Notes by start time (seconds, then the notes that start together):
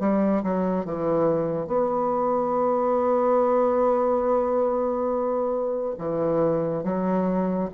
0.00 G3
0.43 F#3
0.85 E3
1.68 B3
5.99 E3
6.84 F#3